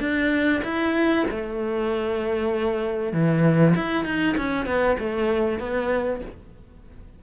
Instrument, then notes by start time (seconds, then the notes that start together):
cello
0.00 D4
0.64 E4
1.30 A3
3.13 E3
3.75 E4
4.05 D#4
4.37 C#4
4.66 B3
4.99 A3
5.59 B3